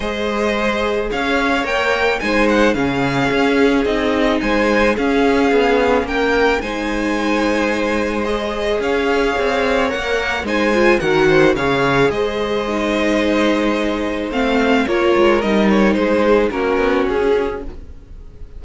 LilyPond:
<<
  \new Staff \with { instrumentName = "violin" } { \time 4/4 \tempo 4 = 109 dis''2 f''4 g''4 | gis''8 fis''8 f''2 dis''4 | gis''4 f''2 g''4 | gis''2. dis''4 |
f''2 fis''4 gis''4 | fis''4 f''4 dis''2~ | dis''2 f''4 cis''4 | dis''8 cis''8 c''4 ais'4 gis'4 | }
  \new Staff \with { instrumentName = "violin" } { \time 4/4 c''2 cis''2 | c''4 gis'2. | c''4 gis'2 ais'4 | c''1 |
cis''2. c''4 | ais'8 c''8 cis''4 c''2~ | c''2. ais'4~ | ais'4 gis'4 fis'2 | }
  \new Staff \with { instrumentName = "viola" } { \time 4/4 gis'2. ais'4 | dis'4 cis'2 dis'4~ | dis'4 cis'2. | dis'2. gis'4~ |
gis'2 ais'4 dis'8 f'8 | fis'4 gis'2 dis'4~ | dis'2 c'4 f'4 | dis'2 cis'2 | }
  \new Staff \with { instrumentName = "cello" } { \time 4/4 gis2 cis'4 ais4 | gis4 cis4 cis'4 c'4 | gis4 cis'4 b4 ais4 | gis1 |
cis'4 c'4 ais4 gis4 | dis4 cis4 gis2~ | gis2 a4 ais8 gis8 | g4 gis4 ais8 b8 cis'4 | }
>>